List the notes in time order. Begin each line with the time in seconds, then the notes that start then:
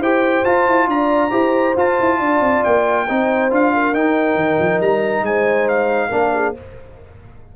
0.00 E4 G4 C5 G5
0.45 F4 A5
0.67 E4
0.87 D4 D5 A#5
1.30 E4 G4 C5
1.76 F4 A5
2.00 E4
2.19 D4 D5
2.40 C4
2.64 A#3 G5
3.09 C4 D#4 C5
3.50 D4 F4 F5
3.74 A#4
3.93 D#4 G5
4.35 D#3
4.59 F3
4.81 G3 A#5
5.22 G#3 C5 G#5
5.68 F5
6.09 A#3 D4 A#4
6.34 G#4